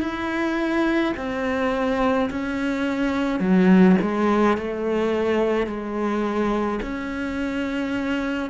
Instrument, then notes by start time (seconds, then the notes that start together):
cello
0.00 E4
1.16 C4
2.31 C#4
3.40 F#3
4.01 G#3
4.57 A3
5.67 G#3
6.82 C#4